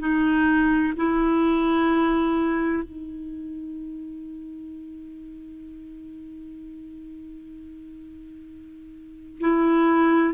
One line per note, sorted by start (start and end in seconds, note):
0.00 0.94 D#4
0.97 2.83 E4
2.83 9.40 D#4
9.40 10.34 E4